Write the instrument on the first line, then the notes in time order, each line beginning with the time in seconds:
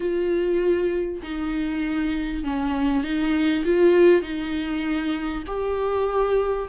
viola
0.00 F4
1.22 D#4
2.44 C#4
3.03 D#4
3.64 F4
4.22 D#4
5.46 G4